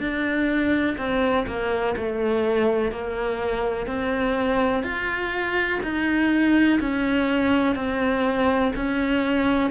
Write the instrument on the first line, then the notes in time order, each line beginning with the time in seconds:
cello
0.00 D4
0.98 C4
1.47 A#3
1.97 A3
2.92 A#3
3.87 C4
4.83 F4
5.83 D#4
6.80 C#4
7.76 C4
8.76 C#4